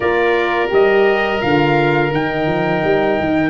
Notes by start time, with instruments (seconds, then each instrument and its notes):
0.00 tuba A#3, horn F4, oboe A#4, trumpet D5
0.68 tuba G3, horn G4, trumpet D#5
1.41 tuba D3, horn F4, trumpet F5
2.11 tuba D#3, horn D#4, trumpet G5
2.46 tuba F3
2.83 tuba G3
3.20 tuba D#3